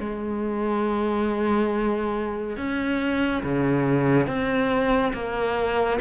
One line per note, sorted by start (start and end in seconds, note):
0.00 2.57 G#3
2.57 3.43 C#4
3.43 4.27 C#3
4.27 5.13 C4
5.14 5.99 A#3